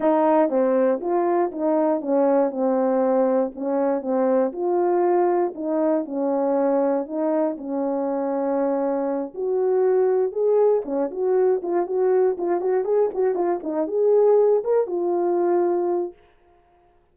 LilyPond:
\new Staff \with { instrumentName = "horn" } { \time 4/4 \tempo 4 = 119 dis'4 c'4 f'4 dis'4 | cis'4 c'2 cis'4 | c'4 f'2 dis'4 | cis'2 dis'4 cis'4~ |
cis'2~ cis'8 fis'4.~ | fis'8 gis'4 cis'8 fis'4 f'8 fis'8~ | fis'8 f'8 fis'8 gis'8 fis'8 f'8 dis'8 gis'8~ | gis'4 ais'8 f'2~ f'8 | }